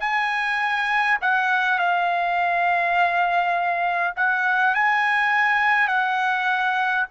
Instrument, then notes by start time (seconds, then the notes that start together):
trumpet
0.00 G#5
1.21 F#5
1.79 F5
4.17 F#5
4.75 G#5
5.88 F#5